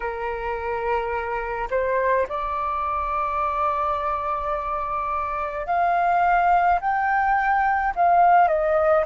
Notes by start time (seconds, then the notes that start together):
0.00 A#4
1.70 C5
2.28 D5
5.66 F5
6.80 G5
7.95 F5
8.48 D#5